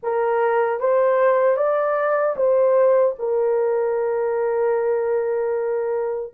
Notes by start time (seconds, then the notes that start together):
0.02 A#4
0.79 C5
1.56 D5
2.36 C5
3.18 A#4